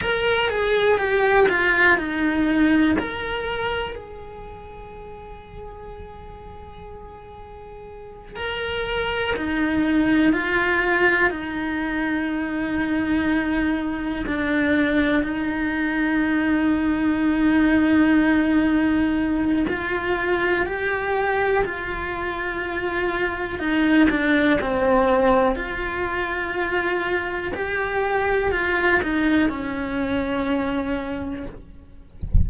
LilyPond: \new Staff \with { instrumentName = "cello" } { \time 4/4 \tempo 4 = 61 ais'8 gis'8 g'8 f'8 dis'4 ais'4 | gis'1~ | gis'8 ais'4 dis'4 f'4 dis'8~ | dis'2~ dis'8 d'4 dis'8~ |
dis'1 | f'4 g'4 f'2 | dis'8 d'8 c'4 f'2 | g'4 f'8 dis'8 cis'2 | }